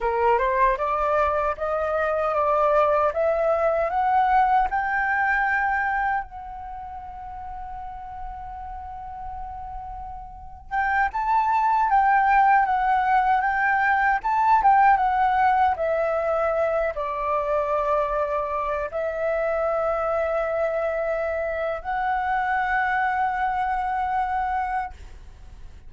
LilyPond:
\new Staff \with { instrumentName = "flute" } { \time 4/4 \tempo 4 = 77 ais'8 c''8 d''4 dis''4 d''4 | e''4 fis''4 g''2 | fis''1~ | fis''4.~ fis''16 g''8 a''4 g''8.~ |
g''16 fis''4 g''4 a''8 g''8 fis''8.~ | fis''16 e''4. d''2~ d''16~ | d''16 e''2.~ e''8. | fis''1 | }